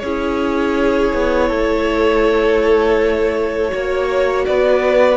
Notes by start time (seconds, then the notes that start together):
0.00 C#4 E4 G#4 C#5
1.14 B3
1.49 A3 A4
3.69 A#3 F#4 C#5
4.46 B3 B4 D5